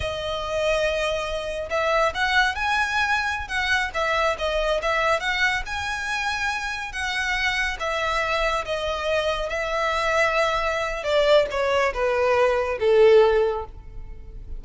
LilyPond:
\new Staff \with { instrumentName = "violin" } { \time 4/4 \tempo 4 = 141 dis''1 | e''4 fis''4 gis''2~ | gis''16 fis''4 e''4 dis''4 e''8.~ | e''16 fis''4 gis''2~ gis''8.~ |
gis''16 fis''2 e''4.~ e''16~ | e''16 dis''2 e''4.~ e''16~ | e''2 d''4 cis''4 | b'2 a'2 | }